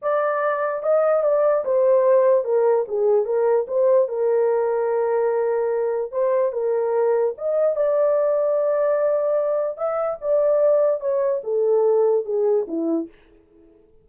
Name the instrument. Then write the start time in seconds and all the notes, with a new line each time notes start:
horn
0.01 D5
0.82 D#5
1.23 D5
1.65 C5
2.44 A#4
2.88 G#4
3.25 A#4
3.67 C5
4.08 A#4
6.11 C5
6.52 A#4
7.37 D#5
7.76 D5
9.77 E5
10.21 D5
11.00 C#5
11.43 A4
12.25 G#4
12.67 E4